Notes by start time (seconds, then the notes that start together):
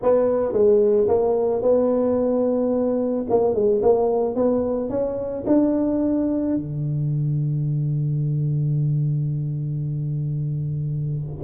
0.02 B3
0.52 G#3
1.08 A#3
1.62 B3
3.29 A#3
3.54 G#3
3.82 A#3
4.35 B3
4.89 C#4
5.46 D4
6.56 D3